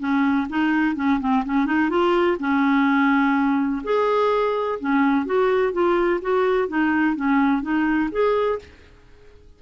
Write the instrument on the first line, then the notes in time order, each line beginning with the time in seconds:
clarinet
0.00 C#4
0.50 D#4
0.96 C#4
1.20 C4
1.45 C#4
1.66 D#4
1.90 F4
2.40 C#4
3.84 G#4
4.80 C#4
5.26 F#4
5.73 F4
6.21 F#4
6.68 D#4
7.16 C#4
7.62 D#4
8.12 G#4